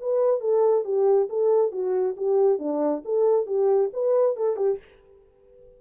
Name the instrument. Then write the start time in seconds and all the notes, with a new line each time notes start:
horn
0.00 B4
0.40 A4
0.84 G4
1.29 A4
1.71 F#4
2.17 G4
2.59 D4
3.05 A4
3.46 G4
3.93 B4
4.36 A4
4.56 G4